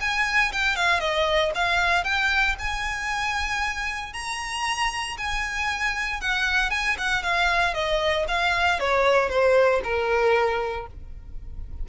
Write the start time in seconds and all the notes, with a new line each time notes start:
0.00 G#5
0.52 G5
0.75 F5
1.00 D#5
1.54 F5
2.04 G5
2.58 G#5
4.13 A#5
5.17 G#5
6.20 F#5
6.70 G#5
6.98 F#5
7.22 F5
7.74 D#5
8.28 F5
8.79 C#5
9.29 C5
9.83 A#4